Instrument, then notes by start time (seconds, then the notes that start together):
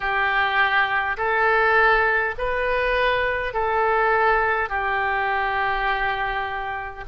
oboe
0.00 G4
1.17 A4
2.38 B4
3.53 A4
4.69 G4